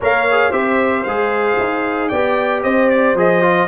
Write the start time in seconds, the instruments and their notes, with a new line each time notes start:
0.00 tuba A#3, trombone A#4, horn C#5, trumpet F5
0.30 trombone G#4
0.50 tuba C4, trombone G4, horn C5, trumpet E5
1.03 tuba G#3, trombone G#4, trumpet F5
1.58 tuba D#4
2.08 tuba B3, trombone G4, horn D5, trumpet G5
2.63 tuba C4, horn C5, trumpet D#5
2.89 trumpet D5
3.14 tuba F3, trombone G#4, trumpet D#5
3.41 trombone F4